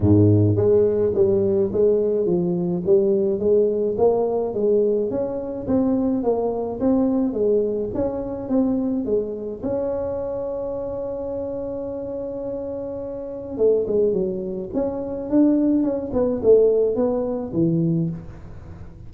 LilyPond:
\new Staff \with { instrumentName = "tuba" } { \time 4/4 \tempo 4 = 106 gis,4 gis4 g4 gis4 | f4 g4 gis4 ais4 | gis4 cis'4 c'4 ais4 | c'4 gis4 cis'4 c'4 |
gis4 cis'2.~ | cis'1 | a8 gis8 fis4 cis'4 d'4 | cis'8 b8 a4 b4 e4 | }